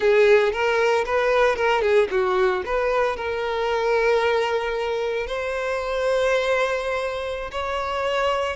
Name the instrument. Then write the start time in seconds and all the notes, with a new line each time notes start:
violin
0.00 G#4
0.52 A#4
1.05 B4
1.56 A#4
1.81 G#4
2.10 F#4
2.65 B4
3.16 A#4
5.27 C5
7.51 C#5